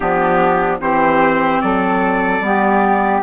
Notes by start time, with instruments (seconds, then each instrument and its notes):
0.00 bassoon F3, clarinet B3, flute D4, trumpet G4
0.80 bassoon E3, clarinet C4, flute G4, trumpet C5
1.61 bassoon F#3, flute A4, trumpet D5
2.40 bassoon G3, clarinet B3, flute G4